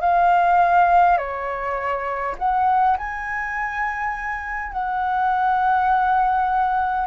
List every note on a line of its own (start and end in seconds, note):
0.00 1.17 F5
1.17 2.35 C#5
2.38 2.97 F#5
2.97 4.72 G#5
4.72 7.07 F#5